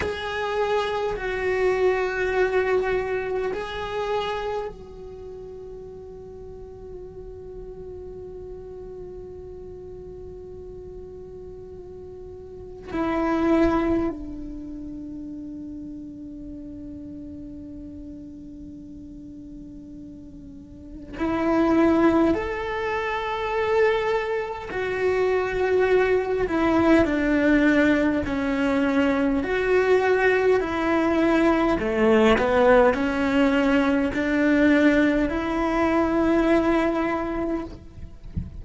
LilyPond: \new Staff \with { instrumentName = "cello" } { \time 4/4 \tempo 4 = 51 gis'4 fis'2 gis'4 | fis'1~ | fis'2. e'4 | d'1~ |
d'2 e'4 a'4~ | a'4 fis'4. e'8 d'4 | cis'4 fis'4 e'4 a8 b8 | cis'4 d'4 e'2 | }